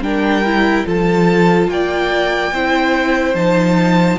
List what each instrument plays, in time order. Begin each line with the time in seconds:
0.00 cello G3, viola D4, violin A#4 G5
0.45 viola E4
0.86 cello F3, viola F4, violin A4 A5
1.68 cello A#3, violin D5 G5
2.52 cello C4, viola E4, violin C5
3.34 cello F3, viola D#4, violin A5